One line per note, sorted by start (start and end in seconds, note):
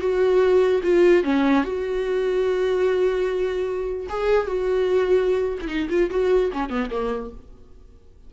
0.00 0.81 F#4
0.83 1.23 F4
1.23 1.64 C#4
1.64 4.07 F#4
4.09 4.47 G#4
4.47 5.58 F#4
5.61 5.67 E4
5.67 5.88 D#4
5.89 6.10 F4
6.10 6.51 F#4
6.52 6.69 C#4
6.69 6.90 B3
6.90 7.30 A#3